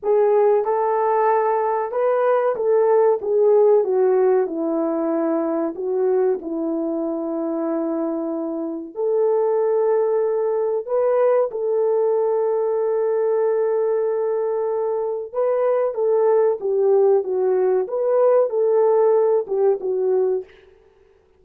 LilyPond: \new Staff \with { instrumentName = "horn" } { \time 4/4 \tempo 4 = 94 gis'4 a'2 b'4 | a'4 gis'4 fis'4 e'4~ | e'4 fis'4 e'2~ | e'2 a'2~ |
a'4 b'4 a'2~ | a'1 | b'4 a'4 g'4 fis'4 | b'4 a'4. g'8 fis'4 | }